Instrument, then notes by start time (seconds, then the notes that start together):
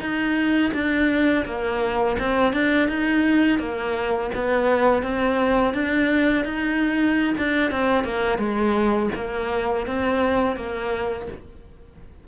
cello
0.00 D#4
0.73 D4
1.45 A#3
2.19 C4
2.53 D4
2.89 D#4
3.59 A#3
4.34 B3
5.02 C4
5.74 D4
6.44 D#4
7.38 D4
7.71 C4
8.04 A#3
8.38 G#3
9.15 A#3
9.87 C4
10.56 A#3